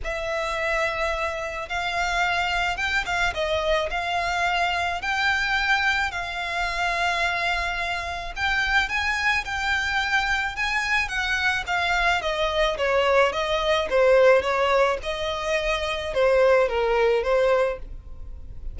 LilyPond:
\new Staff \with { instrumentName = "violin" } { \time 4/4 \tempo 4 = 108 e''2. f''4~ | f''4 g''8 f''8 dis''4 f''4~ | f''4 g''2 f''4~ | f''2. g''4 |
gis''4 g''2 gis''4 | fis''4 f''4 dis''4 cis''4 | dis''4 c''4 cis''4 dis''4~ | dis''4 c''4 ais'4 c''4 | }